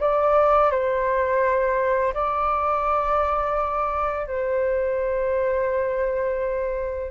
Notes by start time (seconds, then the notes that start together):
0.00 D5
0.71 C5
2.14 D5
4.27 C5